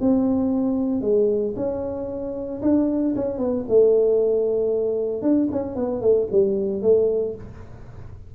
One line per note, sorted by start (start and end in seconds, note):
0.00 1.01 C4
1.01 1.54 G#3
1.56 2.61 C#4
2.61 3.14 D4
3.15 3.38 C#4
3.38 3.64 B3
3.68 5.22 A3
5.22 5.48 D4
5.51 5.75 C#4
5.75 6.01 B3
6.01 6.27 A3
6.31 6.82 G3
6.82 7.34 A3